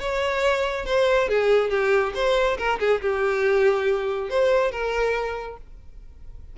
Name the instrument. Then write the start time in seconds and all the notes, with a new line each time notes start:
violin
0.00 C#5
0.86 C5
1.29 G#4
1.70 G4
2.15 C5
2.58 A#4
2.80 G#4
3.02 G4
4.30 C5
4.71 A#4